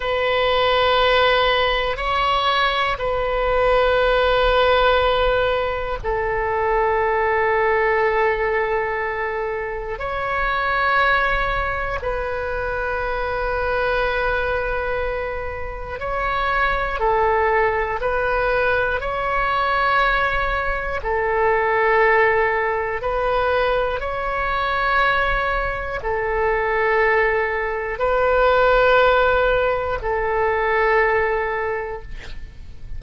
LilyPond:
\new Staff \with { instrumentName = "oboe" } { \time 4/4 \tempo 4 = 60 b'2 cis''4 b'4~ | b'2 a'2~ | a'2 cis''2 | b'1 |
cis''4 a'4 b'4 cis''4~ | cis''4 a'2 b'4 | cis''2 a'2 | b'2 a'2 | }